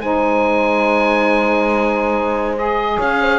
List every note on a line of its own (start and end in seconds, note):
0.00 2.98 G#3
0.00 2.57 D#4
0.00 2.96 C5
0.00 2.56 G#5
2.57 3.39 G#4
2.57 3.00 D#5
2.96 3.39 C#4
2.96 3.17 C#5
2.96 3.39 F5
3.21 3.39 C5